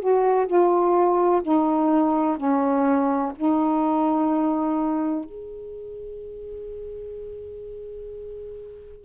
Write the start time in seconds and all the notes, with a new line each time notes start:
0.00 F#4
0.47 F4
1.43 D#4
2.37 C#4
3.36 D#4
5.25 G#4